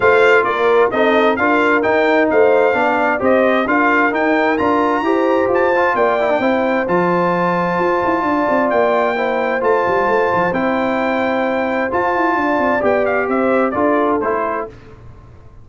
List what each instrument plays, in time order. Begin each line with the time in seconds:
0.00 tuba A3, trombone F4, horn C5, trumpet F5
0.44 tuba A#3, horn A#4, trumpet D5
0.90 tuba C4, trombone D#4, horn A4, trumpet D#5
1.36 tuba D4, trombone F4, horn A#4, trumpet F5
1.82 trombone D#4, tuba D#4, trumpet G5
2.30 tuba A3, horn C5, trumpet F5
2.73 tuba B3, trombone D4, horn D5
3.19 tuba C4, trombone G4, horn C5, trumpet D#5
3.66 tuba D4, trombone F4, horn A#4, trumpet F5
4.11 trombone D#4, tuba D#4, trumpet G5
4.57 tuba D4, trombone F4, trumpet A#5
5.01 tuba E4, trombone G4, horn C5
5.48 tuba F4
5.54 trumpet A5
5.75 trombone F4
5.94 tuba A#3, horn D5, trumpet G5
6.20 trombone E4
6.30 trombone D4
6.39 tuba C4, trombone E4, horn C5
6.87 tuba F3, trombone F4, trumpet A5
7.79 tuba F4
8.04 tuba E4
8.22 tuba D4, horn D5
8.49 tuba C4
8.70 tuba A#3, trumpet G5
9.16 trombone E4, horn C5
9.60 tuba A3, trombone F4, trumpet A5
9.87 tuba G3
10.07 tuba A3
10.33 tuba F3
10.52 tuba C4, trombone E4, trumpet G5
11.90 trombone F4, tuba F4, trumpet A5
12.15 tuba E4
12.35 tuba D4, horn D5
12.58 tuba C4
12.80 tuba B3, trombone G4, trumpet G5
13.05 trumpet F5
13.27 tuba C4, horn C5, trumpet E5
13.70 tuba D4, trombone F4, horn A4, trumpet D5
14.21 tuba A3, trombone E4, trumpet C5